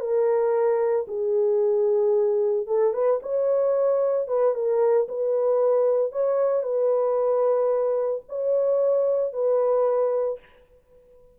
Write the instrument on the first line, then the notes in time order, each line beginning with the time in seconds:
horn
0.00 A#4
1.08 G#4
2.67 A4
2.93 B4
3.22 C#5
4.28 B4
4.54 A#4
5.09 B4
6.12 C#5
6.63 B4
8.29 C#5
9.33 B4